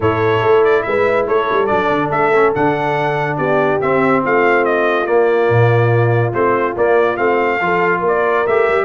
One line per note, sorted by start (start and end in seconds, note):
0.00 0.41 A2
0.00 1.68 E4
0.00 0.85 A4
0.00 0.64 C#5
0.41 0.83 A3
0.64 0.82 D5
0.82 1.28 G#3
0.82 1.27 B4
0.82 1.25 E5
1.27 1.49 A3
1.27 3.37 A4
1.27 1.66 C#5
1.51 1.70 G3
1.66 1.90 F#3
1.66 2.32 D4
1.66 2.08 D5
1.90 2.10 D3
2.10 2.53 A3
2.10 2.53 E5
2.34 2.55 C#4
2.54 3.37 D3
2.54 3.81 D4
2.54 3.37 F#5
3.37 3.80 B3
3.37 4.22 G4
3.37 3.79 D5
3.81 5.05 C4
3.81 4.24 C4
3.81 4.23 E5
4.23 5.08 A3
4.23 7.61 F4
4.23 4.65 F5
4.65 5.06 D#5
5.05 6.32 A#3
5.05 5.49 A#3
5.05 6.33 D5
5.49 6.33 A#2
6.33 6.76 A3
6.33 6.75 C4
6.33 6.75 C5
6.76 7.17 A#3
6.76 7.18 A#3
6.76 7.17 D5
7.17 7.60 A3
7.17 7.59 C4
7.17 8.01 F5
7.61 8.02 F3
7.61 8.45 F4
7.61 7.99 A4
7.99 8.44 A#3
7.99 8.84 A#4
8.07 8.46 D5
8.46 8.68 A3
8.46 8.84 G4
8.46 8.84 E5
8.68 8.84 G3